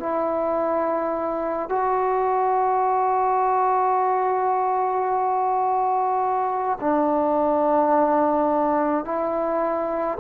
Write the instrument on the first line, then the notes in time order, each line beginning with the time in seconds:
trombone
0.00 E4
1.70 F#4
6.81 D4
9.05 E4